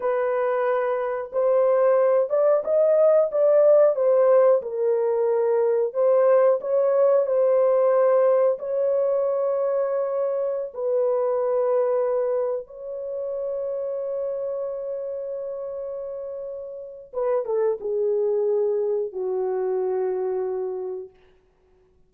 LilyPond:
\new Staff \with { instrumentName = "horn" } { \time 4/4 \tempo 4 = 91 b'2 c''4. d''8 | dis''4 d''4 c''4 ais'4~ | ais'4 c''4 cis''4 c''4~ | c''4 cis''2.~ |
cis''16 b'2. cis''8.~ | cis''1~ | cis''2 b'8 a'8 gis'4~ | gis'4 fis'2. | }